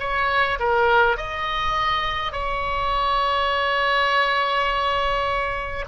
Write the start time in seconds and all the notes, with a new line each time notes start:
0.00 C#5
0.60 A#4
1.17 D#5
2.33 C#5